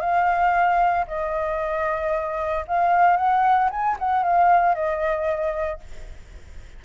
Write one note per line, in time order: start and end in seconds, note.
0.00 1.05 F5
1.07 2.65 D#5
2.67 3.17 F5
3.17 3.69 F#5
3.70 3.96 G#5
3.99 4.23 F#5
4.23 4.75 F5
4.75 5.80 D#5